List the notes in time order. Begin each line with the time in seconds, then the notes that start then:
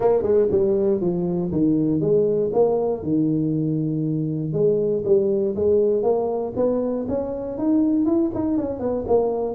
0.00 A#3
0.22 G#3
0.51 G3
1.00 F3
1.51 D#3
2.00 G#3
2.53 A#3
3.02 D#3
4.52 G#3
5.04 G3
5.55 G#3
6.03 A#3
6.55 B3
7.08 C#4
7.58 D#4
8.05 E4
8.34 D#4
8.57 C#4
8.79 B3
9.07 A#3